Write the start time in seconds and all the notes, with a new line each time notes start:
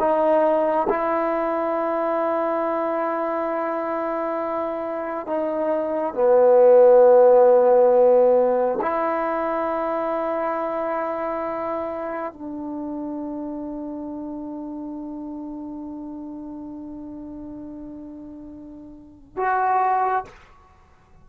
0.00 D#4
0.89 E4
5.27 D#4
6.15 B3
8.82 E4
12.34 D4
19.37 F#4